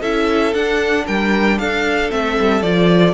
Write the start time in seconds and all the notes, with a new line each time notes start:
0.00 C#4 E4 A4 E5
0.54 D4 F#5
1.06 G3 A#4 G5
1.58 D4 A4 F5
2.10 A3 C4 E5
2.39 G3
2.62 F3 F4 D5